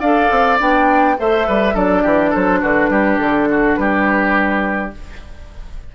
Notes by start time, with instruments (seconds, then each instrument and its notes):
0.00 bassoon D4, clarinet A4, oboe D5, flute F5
0.31 bassoon C4
0.59 bassoon B3, clarinet D4, flute G5
1.18 bassoon A3, clarinet A4, oboe C5, flute E5
1.47 bassoon G3, oboe B4
1.74 bassoon F#3, clarinet D4, oboe A4, flute D5
2.02 bassoon E3, oboe G4
2.30 bassoon F#3, oboe A4, flute C5
2.61 bassoon D3, oboe F#4, flute B4
2.89 bassoon G3, oboe G4
3.17 bassoon D3, flute A4
3.50 oboe F#4
3.75 bassoon G3, oboe G4, flute B4